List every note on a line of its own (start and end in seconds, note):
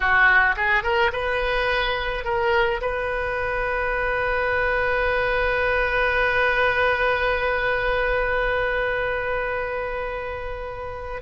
0.00 0.55 F#4
0.56 0.83 G#4
0.83 1.11 A#4
1.12 2.24 B4
2.24 2.80 A#4
2.81 11.21 B4